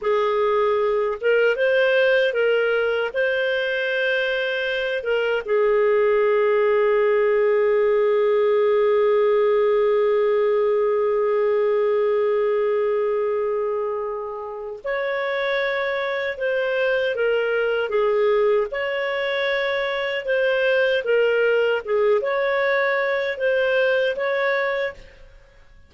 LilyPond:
\new Staff \with { instrumentName = "clarinet" } { \time 4/4 \tempo 4 = 77 gis'4. ais'8 c''4 ais'4 | c''2~ c''8 ais'8 gis'4~ | gis'1~ | gis'1~ |
gis'2. cis''4~ | cis''4 c''4 ais'4 gis'4 | cis''2 c''4 ais'4 | gis'8 cis''4. c''4 cis''4 | }